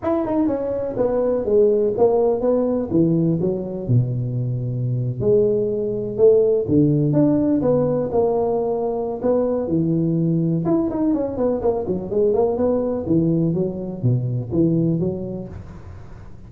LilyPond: \new Staff \with { instrumentName = "tuba" } { \time 4/4 \tempo 4 = 124 e'8 dis'8 cis'4 b4 gis4 | ais4 b4 e4 fis4 | b,2~ b,8. gis4~ gis16~ | gis8. a4 d4 d'4 b16~ |
b8. ais2~ ais16 b4 | e2 e'8 dis'8 cis'8 b8 | ais8 fis8 gis8 ais8 b4 e4 | fis4 b,4 e4 fis4 | }